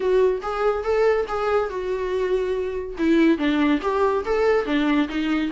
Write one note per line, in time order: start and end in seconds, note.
0.00 0.41 F#4
0.42 0.83 G#4
0.83 1.26 A4
1.28 1.69 G#4
1.69 2.96 F#4
2.98 3.37 E4
3.37 3.80 D4
3.81 4.24 G4
4.25 4.65 A4
4.65 5.08 D4
5.08 5.50 D#4